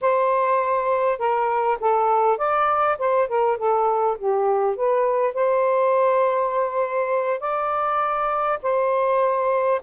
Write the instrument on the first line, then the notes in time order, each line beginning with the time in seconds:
saxophone
0.01 C5
1.18 A#4
1.80 A4
2.37 D5
2.98 C5
3.28 A#4
3.57 A4
4.17 G4
4.76 B4
5.34 C5
7.40 D5
8.62 C5